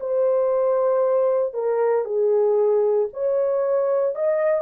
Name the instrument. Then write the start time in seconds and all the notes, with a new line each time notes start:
horn
0.00 C5
1.54 A#4
2.05 G#4
3.13 C#5
4.15 D#5